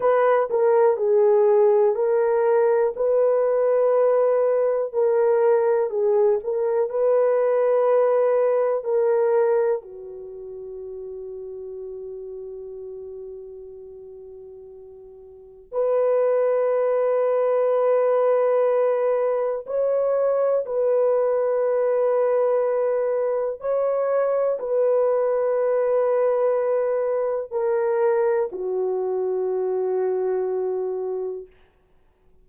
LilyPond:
\new Staff \with { instrumentName = "horn" } { \time 4/4 \tempo 4 = 61 b'8 ais'8 gis'4 ais'4 b'4~ | b'4 ais'4 gis'8 ais'8 b'4~ | b'4 ais'4 fis'2~ | fis'1 |
b'1 | cis''4 b'2. | cis''4 b'2. | ais'4 fis'2. | }